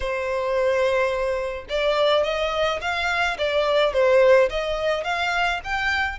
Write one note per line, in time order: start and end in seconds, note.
0.00 1.65 C5
1.69 2.23 D5
2.23 2.79 D#5
2.81 3.37 F5
3.38 3.93 D5
3.93 4.49 C5
4.50 5.04 D#5
5.04 5.60 F5
5.64 6.18 G5